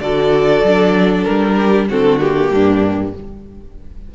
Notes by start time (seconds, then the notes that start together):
0.00 D3 F#4 A4 D5
0.63 F#3 D4
1.24 G3 A#4
1.54 G4
1.89 D3 C4 F#4 A4
2.20 A#3 G4
2.51 G2 D4